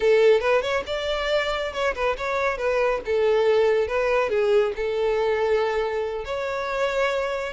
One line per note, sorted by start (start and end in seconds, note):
0.00 0.40 A4
0.40 0.62 B4
0.62 0.83 C#5
0.86 1.72 D5
1.72 1.94 C#5
1.94 2.16 B4
2.17 2.57 C#5
2.57 3.01 B4
3.05 3.87 A4
3.87 4.29 B4
4.29 4.72 G#4
4.75 6.25 A4
6.25 7.53 C#5